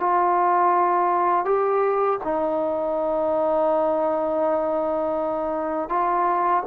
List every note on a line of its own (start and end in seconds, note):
0.00 1.45 F4
1.45 2.19 G4
2.24 5.89 D#4
5.89 6.63 F4